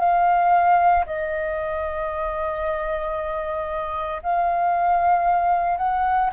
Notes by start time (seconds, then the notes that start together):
0.00 F5
1.07 D#5
4.23 F5
5.78 F#5